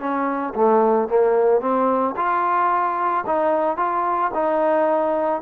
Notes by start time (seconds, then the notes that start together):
0.00 C#4
0.55 A3
1.09 A#3
1.61 C4
2.17 F4
3.27 D#4
3.77 F4
4.34 D#4